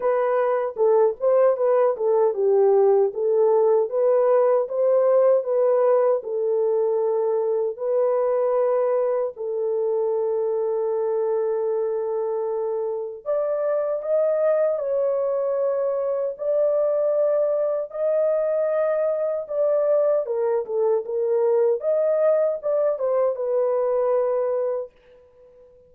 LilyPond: \new Staff \with { instrumentName = "horn" } { \time 4/4 \tempo 4 = 77 b'4 a'8 c''8 b'8 a'8 g'4 | a'4 b'4 c''4 b'4 | a'2 b'2 | a'1~ |
a'4 d''4 dis''4 cis''4~ | cis''4 d''2 dis''4~ | dis''4 d''4 ais'8 a'8 ais'4 | dis''4 d''8 c''8 b'2 | }